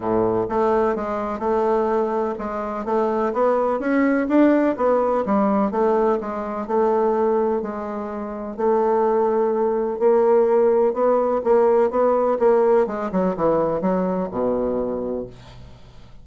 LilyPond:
\new Staff \with { instrumentName = "bassoon" } { \time 4/4 \tempo 4 = 126 a,4 a4 gis4 a4~ | a4 gis4 a4 b4 | cis'4 d'4 b4 g4 | a4 gis4 a2 |
gis2 a2~ | a4 ais2 b4 | ais4 b4 ais4 gis8 fis8 | e4 fis4 b,2 | }